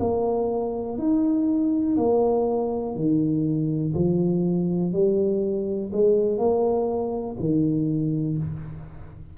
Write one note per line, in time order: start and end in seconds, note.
0.00 0.98 A#3
0.98 1.97 D#4
1.97 2.95 A#3
2.95 3.93 D#3
3.94 4.93 F3
4.93 5.91 G3
5.93 6.38 G#3
6.38 7.36 A#3
7.39 8.38 D#3